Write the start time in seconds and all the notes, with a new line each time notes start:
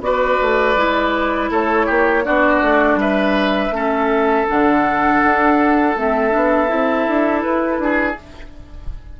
0.00 B3 F#4 B4 D5
0.41 A3
0.76 G#3 E4
1.50 A3 A4 C#5
1.86 A#3 G4
2.23 B3 D4 F#4 D5
2.61 A3
2.95 G3 B4 E5
3.70 A3 C#4 A4
4.47 D3 D4 F#5
5.23 D4
5.96 A3 C4 E5
6.30 B3 D4
6.67 C4 E4
7.07 D4
7.41 E4 B4
7.78 D4 G#4